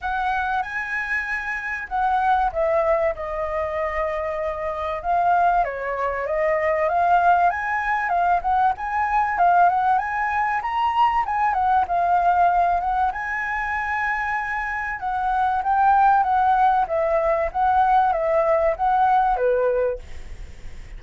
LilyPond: \new Staff \with { instrumentName = "flute" } { \time 4/4 \tempo 4 = 96 fis''4 gis''2 fis''4 | e''4 dis''2. | f''4 cis''4 dis''4 f''4 | gis''4 f''8 fis''8 gis''4 f''8 fis''8 |
gis''4 ais''4 gis''8 fis''8 f''4~ | f''8 fis''8 gis''2. | fis''4 g''4 fis''4 e''4 | fis''4 e''4 fis''4 b'4 | }